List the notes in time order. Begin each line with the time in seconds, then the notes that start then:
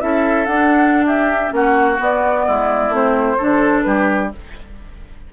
0.00 C#4 E4 A4 E5
0.46 D4 F#5
1.07 G4 E5
1.49 A#3 C#4 F#5
1.56 F#4
1.99 B3 D5
2.46 G#3 E4
2.89 A3 C4 C5
3.38 D3 D4 A4
3.82 G3 G4 B4